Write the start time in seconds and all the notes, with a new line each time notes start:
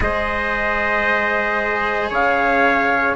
0.00 G#3 G#4 C5 D#5
2.09 C#3 C#5 F5